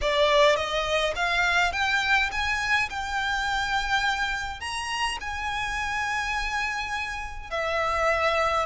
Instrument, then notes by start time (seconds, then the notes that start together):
violin
0.01 D5
0.56 D#5
1.15 F5
1.72 G5
2.31 G#5
2.89 G5
4.60 A#5
5.20 G#5
7.50 E5